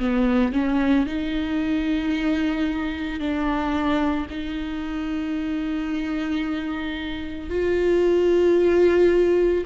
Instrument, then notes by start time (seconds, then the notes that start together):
viola
0.00 B3
0.53 C#4
1.07 D#4
3.20 D4
4.31 D#4
7.50 F4